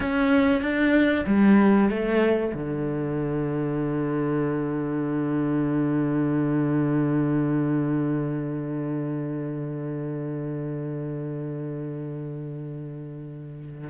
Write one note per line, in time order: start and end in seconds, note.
0.00 0.61 C#4
0.61 1.24 D4
1.26 1.89 G3
1.89 2.52 A3
2.53 13.89 D3